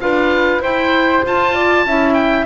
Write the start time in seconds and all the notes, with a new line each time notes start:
0.00 D4 F4 B4 F5
0.59 E4 C5 G5
1.24 F4 A5
1.54 D5
1.85 C#4 E4 E5
2.14 G5